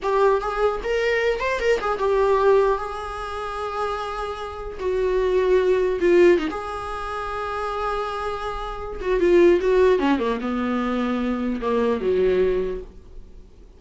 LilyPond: \new Staff \with { instrumentName = "viola" } { \time 4/4 \tempo 4 = 150 g'4 gis'4 ais'4. c''8 | ais'8 gis'8 g'2 gis'4~ | gis'1 | fis'2. f'4 |
dis'16 gis'2.~ gis'8.~ | gis'2~ gis'8 fis'8 f'4 | fis'4 cis'8 ais8 b2~ | b4 ais4 fis2 | }